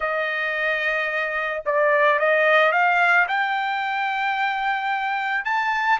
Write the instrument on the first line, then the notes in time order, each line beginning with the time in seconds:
trumpet
0.00 D#5
1.65 D5
2.19 D#5
2.72 F5
3.28 G5
5.44 A5